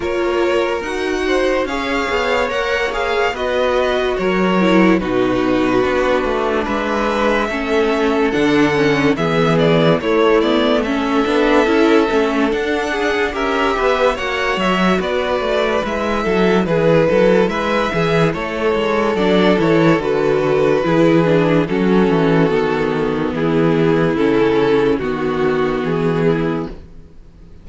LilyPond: <<
  \new Staff \with { instrumentName = "violin" } { \time 4/4 \tempo 4 = 72 cis''4 fis''4 f''4 fis''8 f''8 | dis''4 cis''4 b'2 | e''2 fis''4 e''8 d''8 | cis''8 d''8 e''2 fis''4 |
e''4 fis''8 e''8 d''4 e''4 | b'4 e''4 cis''4 d''8 cis''8 | b'2 a'2 | gis'4 a'4 fis'4 gis'4 | }
  \new Staff \with { instrumentName = "violin" } { \time 4/4 ais'4. c''8 cis''2 | b'4 ais'4 fis'2 | b'4 a'2 gis'4 | e'4 a'2~ a'8 gis'8 |
ais'8 b'8 cis''4 b'4. a'8 | gis'8 a'8 b'8 gis'8 a'2~ | a'4 gis'4 fis'2 | e'2 fis'4. e'8 | }
  \new Staff \with { instrumentName = "viola" } { \time 4/4 f'4 fis'4 gis'4 ais'8 gis'8 | fis'4. e'8 dis'4 d'4~ | d'4 cis'4 d'8 cis'8 b4 | a8 b8 cis'8 d'8 e'8 cis'8 d'4 |
g'4 fis'2 e'4~ | e'2. d'8 e'8 | fis'4 e'8 d'8 cis'4 b4~ | b4 cis'4 b2 | }
  \new Staff \with { instrumentName = "cello" } { \time 4/4 ais4 dis'4 cis'8 b8 ais4 | b4 fis4 b,4 b8 a8 | gis4 a4 d4 e4 | a4. b8 cis'8 a8 d'4 |
cis'8 b8 ais8 fis8 b8 a8 gis8 fis8 | e8 fis8 gis8 e8 a8 gis8 fis8 e8 | d4 e4 fis8 e8 dis4 | e4 cis4 dis4 e4 | }
>>